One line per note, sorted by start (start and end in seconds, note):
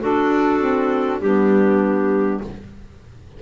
0.00 0.58 D4
0.00 1.20 D4
0.00 1.20 F#4
0.00 1.21 A4
0.58 1.19 C4
1.20 2.40 G3
1.20 2.41 B3
1.20 2.42 D4
1.20 2.41 G4